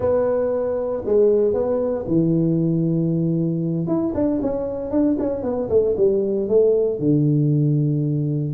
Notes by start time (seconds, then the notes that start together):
0.00 B3
1.05 G#3
1.53 B3
2.07 E3
3.87 E4
4.14 D4
4.41 C#4
4.90 D4
5.19 C#4
5.42 B3
5.69 A3
5.96 G3
6.48 A3
6.99 D3